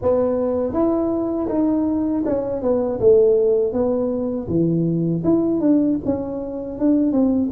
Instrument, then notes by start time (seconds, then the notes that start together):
tuba
0.02 B3
0.73 E4
1.48 D#4
2.25 C#4
2.61 B3
3.00 A3
3.72 B3
4.48 E3
5.24 E4
5.60 D4
6.05 C#4
6.79 D4
7.11 C4